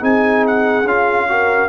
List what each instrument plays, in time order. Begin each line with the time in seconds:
0.00 tuba C4, trombone D#4, horn G#4, trumpet G#5
0.47 trumpet F#5
0.84 tuba C#4, trombone F4, trumpet F5
1.28 trombone F#4, horn A#4